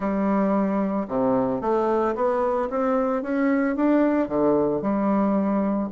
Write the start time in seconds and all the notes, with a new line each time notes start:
0.00 G3
1.08 C3
1.61 A3
2.15 B3
2.70 C4
3.22 C#4
3.75 D4
4.28 D3
4.81 G3